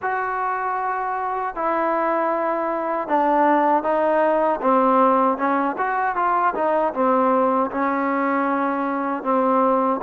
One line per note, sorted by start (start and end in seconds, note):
0.01 1.55 F#4
1.55 3.08 E4
3.08 3.83 D4
3.83 4.60 D#4
4.61 5.37 C4
5.37 5.76 C#4
5.77 6.15 F#4
6.15 6.54 F4
6.55 6.93 D#4
6.93 7.70 C4
7.71 9.23 C#4
9.23 10.00 C4